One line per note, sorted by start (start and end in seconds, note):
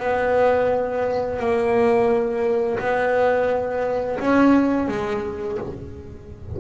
0.00 1.40 B3
1.40 2.79 A#3
2.80 4.19 B3
4.20 4.89 C#4
4.89 5.58 G#3